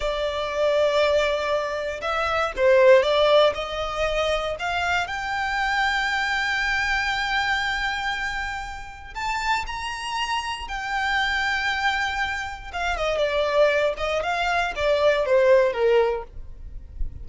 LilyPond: \new Staff \with { instrumentName = "violin" } { \time 4/4 \tempo 4 = 118 d''1 | e''4 c''4 d''4 dis''4~ | dis''4 f''4 g''2~ | g''1~ |
g''2 a''4 ais''4~ | ais''4 g''2.~ | g''4 f''8 dis''8 d''4. dis''8 | f''4 d''4 c''4 ais'4 | }